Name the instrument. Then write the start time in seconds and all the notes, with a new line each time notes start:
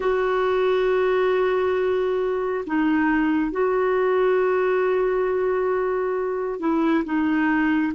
clarinet
0.00 F#4
2.66 D#4
3.51 F#4
6.59 E4
7.04 D#4